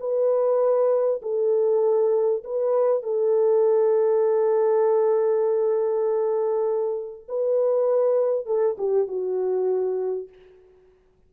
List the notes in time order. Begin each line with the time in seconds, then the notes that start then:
0.00 B4
1.22 A4
2.44 B4
3.03 A4
7.29 B4
8.46 A4
8.78 G4
9.08 F#4